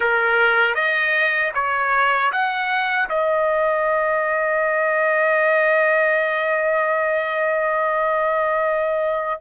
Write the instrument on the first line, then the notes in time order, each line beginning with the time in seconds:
trumpet
0.00 A#4
0.74 D#5
1.54 C#5
2.31 F#5
3.09 D#5